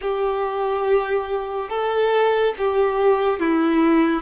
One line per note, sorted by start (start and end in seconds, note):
0.01 1.69 G4
1.69 2.54 A4
2.58 3.39 G4
3.39 4.22 E4